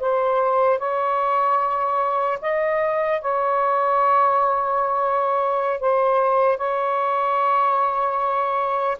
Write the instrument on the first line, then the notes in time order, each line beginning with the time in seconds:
saxophone
0.00 C5
0.79 C#5
2.42 D#5
3.22 C#5
5.80 C5
6.58 C#5